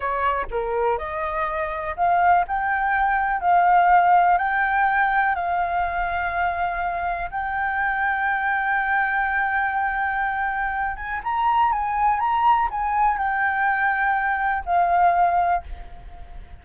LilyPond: \new Staff \with { instrumentName = "flute" } { \time 4/4 \tempo 4 = 123 cis''4 ais'4 dis''2 | f''4 g''2 f''4~ | f''4 g''2 f''4~ | f''2. g''4~ |
g''1~ | g''2~ g''8 gis''8 ais''4 | gis''4 ais''4 gis''4 g''4~ | g''2 f''2 | }